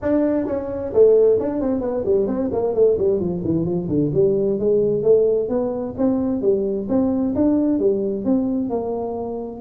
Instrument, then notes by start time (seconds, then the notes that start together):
tuba
0.02 D4
0.46 C#4
0.93 A3
1.39 D4
1.60 C4
1.80 B3
2.05 G3
2.27 C4
2.52 A#3
2.74 A3
2.98 G3
3.20 F3
3.44 E3
3.65 F3
3.88 D3
4.13 G3
4.59 G#3
5.03 A3
5.49 B3
5.97 C4
6.41 G3
6.88 C4
7.35 D4
7.79 G3
8.24 C4
8.69 A#3